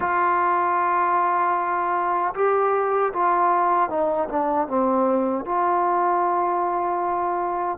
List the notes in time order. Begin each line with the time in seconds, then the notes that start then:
0.00 F4
2.34 G4
3.13 F4
3.89 D#4
4.29 D4
4.68 C4
5.45 F4